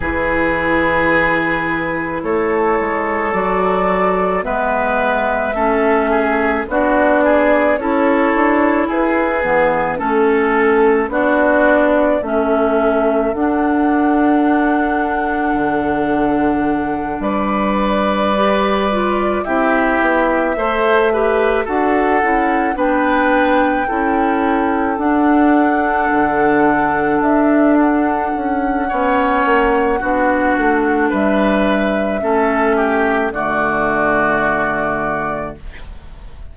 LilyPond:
<<
  \new Staff \with { instrumentName = "flute" } { \time 4/4 \tempo 4 = 54 b'2 cis''4 d''4 | e''2 d''4 cis''4 | b'4 a'4 d''4 e''4 | fis''2.~ fis''8 d''8~ |
d''4. e''2 fis''8~ | fis''8 g''2 fis''4.~ | fis''8 e''8 fis''2. | e''2 d''2 | }
  \new Staff \with { instrumentName = "oboe" } { \time 4/4 gis'2 a'2 | b'4 a'8 gis'8 fis'8 gis'8 a'4 | gis'4 a'4 fis'4 a'4~ | a'2.~ a'8 b'8~ |
b'4. g'4 c''8 b'8 a'8~ | a'8 b'4 a'2~ a'8~ | a'2 cis''4 fis'4 | b'4 a'8 g'8 fis'2 | }
  \new Staff \with { instrumentName = "clarinet" } { \time 4/4 e'2. fis'4 | b4 cis'4 d'4 e'4~ | e'8 b8 cis'4 d'4 cis'4 | d'1~ |
d'8 g'8 f'8 e'4 a'8 g'8 fis'8 | e'8 d'4 e'4 d'4.~ | d'2 cis'4 d'4~ | d'4 cis'4 a2 | }
  \new Staff \with { instrumentName = "bassoon" } { \time 4/4 e2 a8 gis8 fis4 | gis4 a4 b4 cis'8 d'8 | e'8 e8 a4 b4 a4 | d'2 d4. g8~ |
g4. c'8 b8 a4 d'8 | cis'8 b4 cis'4 d'4 d8~ | d8 d'4 cis'8 b8 ais8 b8 a8 | g4 a4 d2 | }
>>